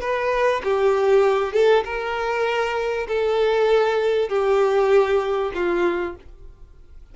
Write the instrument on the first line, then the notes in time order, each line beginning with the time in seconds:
violin
0.00 B4
0.63 G4
1.53 A4
1.84 A#4
3.08 A4
4.29 G4
5.54 F4